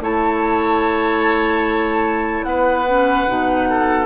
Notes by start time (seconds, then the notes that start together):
0.00 A3 E4 C#5 A5
2.43 B3 B4 F#5
2.88 C#4
3.27 B2 D#4
3.69 A4